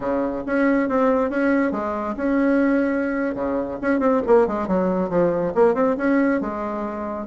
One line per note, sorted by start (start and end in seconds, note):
0.00 0.43 C#3
0.46 0.89 C#4
0.89 1.29 C4
1.29 1.71 C#4
1.71 2.14 G#3
2.16 3.34 C#4
3.34 3.78 C#3
3.81 3.99 C#4
3.99 4.21 C4
4.26 4.47 A#3
4.47 4.67 G#3
4.67 5.09 F#3
5.09 5.53 F3
5.54 5.74 A#3
5.74 5.96 C4
5.97 6.40 C#4
6.41 7.27 G#3